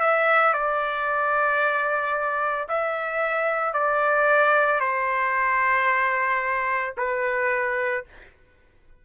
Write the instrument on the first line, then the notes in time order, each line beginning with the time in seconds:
trumpet
0.00 E5
0.53 D5
2.68 E5
3.73 D5
4.80 C5
6.97 B4